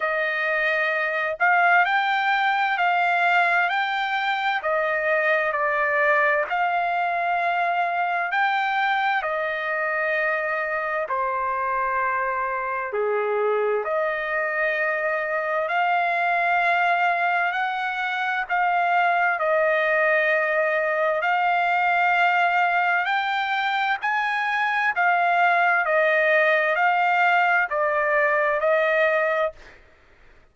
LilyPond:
\new Staff \with { instrumentName = "trumpet" } { \time 4/4 \tempo 4 = 65 dis''4. f''8 g''4 f''4 | g''4 dis''4 d''4 f''4~ | f''4 g''4 dis''2 | c''2 gis'4 dis''4~ |
dis''4 f''2 fis''4 | f''4 dis''2 f''4~ | f''4 g''4 gis''4 f''4 | dis''4 f''4 d''4 dis''4 | }